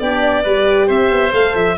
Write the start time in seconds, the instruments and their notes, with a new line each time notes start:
0.00 tuba B3, horn D4, oboe G4, violin D5
0.44 tuba G3, horn G4, oboe B4
0.87 tuba C4, oboe C5, violin E5
1.11 tuba B3
1.33 tuba A3, horn A4, violin F5
1.55 tuba F3, violin E5